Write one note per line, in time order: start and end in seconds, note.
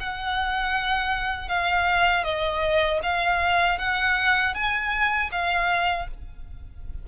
0.00 1.48 F#5
1.48 2.24 F5
2.24 3.00 D#5
3.02 3.78 F5
3.78 4.54 F#5
4.54 5.30 G#5
5.31 6.07 F5